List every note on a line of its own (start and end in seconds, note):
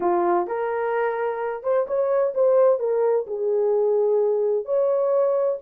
0.00 0.47 F4
0.47 1.63 A#4
1.63 1.86 C5
1.87 2.33 C#5
2.34 2.79 C5
2.79 3.26 A#4
3.26 4.65 G#4
4.65 5.58 C#5